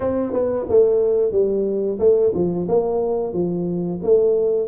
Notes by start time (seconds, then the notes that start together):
0.00 C4
0.32 B3
0.69 A3
1.31 G3
1.99 A3
2.34 F3
2.68 A#3
3.33 F3
4.02 A3